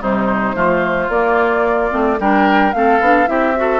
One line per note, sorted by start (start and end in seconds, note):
0.00 0.55 C3
0.00 0.55 G3
0.00 0.56 D#4
0.00 1.10 C5
0.55 1.09 F3
0.55 1.09 A3
0.55 2.19 F4
1.09 1.91 A#3
1.09 1.90 A#3
1.09 2.20 D5
1.90 2.20 A3
1.90 2.17 C4
2.20 2.74 G3
2.20 2.74 D4
2.20 2.75 A#4
2.20 2.73 G5
2.73 3.00 A3
2.73 3.01 C4
2.73 3.30 A4
2.73 3.27 F5
3.00 3.27 B3
3.00 3.26 D4
3.26 3.80 C4
3.26 3.54 E4
3.26 3.57 G4
3.26 3.80 E5
3.56 3.80 F#4
3.56 3.80 A4